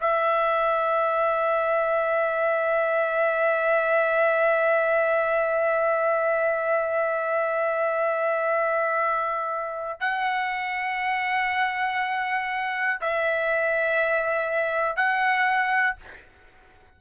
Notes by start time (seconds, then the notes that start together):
0.00 E5
10.00 F#5
13.01 E5
14.96 F#5